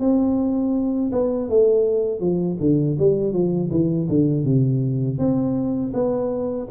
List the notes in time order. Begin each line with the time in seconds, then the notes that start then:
0.00 C4
1.12 B3
1.49 A3
2.20 F3
2.60 D3
2.99 G3
3.33 F3
3.71 E3
4.09 D3
4.44 C3
5.19 C4
5.94 B3